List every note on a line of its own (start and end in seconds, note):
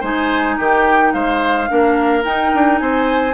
0.00 0.58 G#3
0.00 1.68 D#4
0.00 0.56 C5
0.00 0.58 G#5
0.57 1.13 D#3
0.57 1.13 G4
0.57 1.13 G5
1.13 1.69 G#3
1.13 1.69 C5
1.13 2.24 F5
1.68 2.24 A#3
1.68 2.23 D4
1.68 2.81 A#4
2.23 3.34 D#4
2.23 2.52 D#4
2.23 2.78 G5
2.54 2.80 D4
2.78 3.34 C4
2.78 3.34 C5
2.78 3.33 G#5